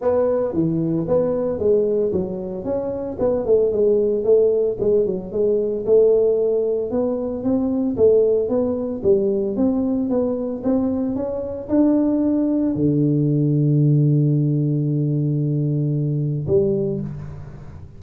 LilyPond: \new Staff \with { instrumentName = "tuba" } { \time 4/4 \tempo 4 = 113 b4 e4 b4 gis4 | fis4 cis'4 b8 a8 gis4 | a4 gis8 fis8 gis4 a4~ | a4 b4 c'4 a4 |
b4 g4 c'4 b4 | c'4 cis'4 d'2 | d1~ | d2. g4 | }